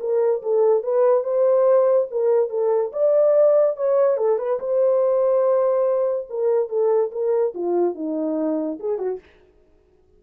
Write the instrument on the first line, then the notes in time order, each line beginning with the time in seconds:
horn
0.00 A#4
0.43 A4
0.83 B4
1.24 C5
2.11 A#4
2.50 A4
2.92 D5
3.76 C#5
4.17 A4
4.38 B4
4.60 C5
6.30 A#4
6.69 A4
7.12 A#4
7.54 F4
7.95 D#4
8.80 G#4
8.99 F#4